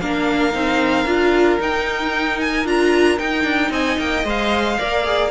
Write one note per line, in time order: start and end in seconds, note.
0.00 0.55 A#3
0.00 0.52 D4
0.00 3.72 A#4
0.00 1.59 F5
0.52 1.06 C4
0.52 1.05 D#4
1.06 1.59 D4
1.06 1.59 F4
1.59 2.65 D#4
1.59 2.40 G5
2.40 2.67 G#5
2.65 3.19 D4
2.65 3.18 F4
2.65 3.19 A#5
3.18 4.25 D#4
3.18 3.44 D#4
3.18 3.72 G5
3.44 3.71 D4
3.71 3.97 C4
3.71 4.78 D#5
3.71 3.99 G#5
3.99 4.24 A#3
3.99 4.26 G5
4.24 4.77 G#3
4.24 4.79 C5
4.24 5.31 F5
4.79 5.31 A#3
4.79 5.05 A#4
4.79 5.31 D5
5.05 5.31 G#4